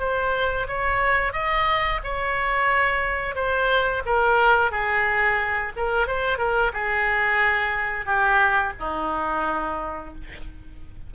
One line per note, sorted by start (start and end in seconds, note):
0.00 0.67 C5
0.68 1.33 C#5
1.33 2.01 D#5
2.04 3.36 C#5
3.36 4.03 C5
4.06 4.72 A#4
4.72 5.73 G#4
5.77 6.08 A#4
6.08 6.38 C5
6.38 6.72 A#4
6.74 8.06 G#4
8.06 8.73 G4
8.80 10.15 D#4